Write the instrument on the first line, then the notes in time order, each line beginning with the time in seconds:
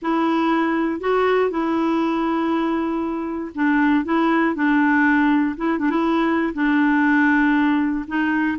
clarinet
0.01 E4
1.00 F#4
1.50 E4
3.54 D4
4.04 E4
4.55 D4
5.56 E4
5.78 D4
5.90 E4
6.54 D4
8.07 D#4